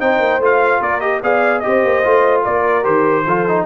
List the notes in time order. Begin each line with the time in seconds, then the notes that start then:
0.00 C4 D#4 C5 G5
0.19 A#3
0.39 A3 F4 F5
0.81 A#3 A#4 D5
1.00 G4 D#5
1.23 B3 G#4 D5 F5
1.60 G4 C5 D#5
1.66 C4
1.84 A#3
2.04 A3 F4
2.44 A#3 A#4 D5
2.83 D#3 G4 C5
3.26 F3 F4 A4
3.48 D#4